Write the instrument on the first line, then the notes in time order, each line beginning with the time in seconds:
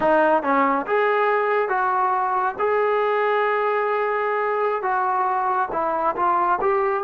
trombone
0.00 D#4
0.42 C#4
0.86 G#4
1.68 F#4
2.58 G#4
4.82 F#4
5.72 E4
6.16 F4
6.61 G4